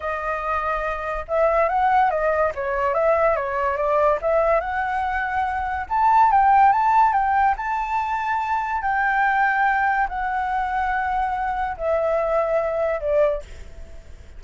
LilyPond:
\new Staff \with { instrumentName = "flute" } { \time 4/4 \tempo 4 = 143 dis''2. e''4 | fis''4 dis''4 cis''4 e''4 | cis''4 d''4 e''4 fis''4~ | fis''2 a''4 g''4 |
a''4 g''4 a''2~ | a''4 g''2. | fis''1 | e''2. d''4 | }